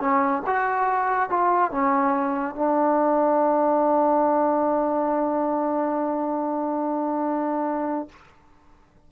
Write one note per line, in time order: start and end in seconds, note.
0.00 0.43 C#4
0.46 1.29 F#4
1.29 1.71 F4
1.71 2.55 C#4
2.55 8.08 D4